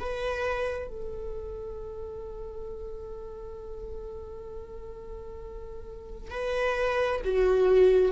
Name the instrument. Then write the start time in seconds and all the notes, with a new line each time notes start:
viola
0.00 B4
0.88 A4
6.31 B4
7.24 F#4